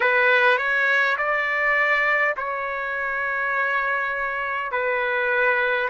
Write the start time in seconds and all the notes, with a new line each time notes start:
0.00 B4
0.57 C#5
1.17 D5
2.36 C#5
4.71 B4